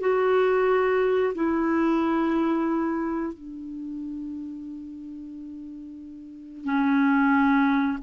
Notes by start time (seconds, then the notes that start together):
0.00 F#4
1.35 E4
3.33 D4
6.65 C#4